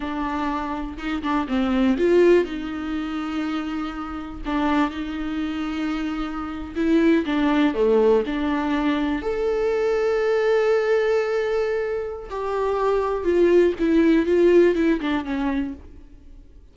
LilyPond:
\new Staff \with { instrumentName = "viola" } { \time 4/4 \tempo 4 = 122 d'2 dis'8 d'8 c'4 | f'4 dis'2.~ | dis'4 d'4 dis'2~ | dis'4.~ dis'16 e'4 d'4 a16~ |
a8. d'2 a'4~ a'16~ | a'1~ | a'4 g'2 f'4 | e'4 f'4 e'8 d'8 cis'4 | }